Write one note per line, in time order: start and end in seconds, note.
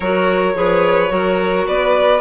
0.00 0.55 F#3
0.00 0.54 F#4
0.00 0.55 A#4
0.00 1.66 C#5
0.54 1.10 F3
0.54 1.08 G#4
0.54 1.12 B4
1.08 1.66 F#3
1.08 2.19 F#4
1.08 1.67 A#4
1.67 2.21 B3
1.67 2.21 B4
1.67 2.21 D5